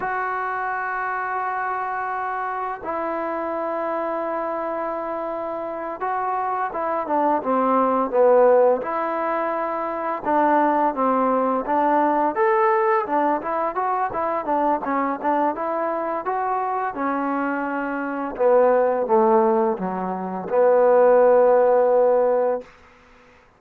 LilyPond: \new Staff \with { instrumentName = "trombone" } { \time 4/4 \tempo 4 = 85 fis'1 | e'1~ | e'8 fis'4 e'8 d'8 c'4 b8~ | b8 e'2 d'4 c'8~ |
c'8 d'4 a'4 d'8 e'8 fis'8 | e'8 d'8 cis'8 d'8 e'4 fis'4 | cis'2 b4 a4 | fis4 b2. | }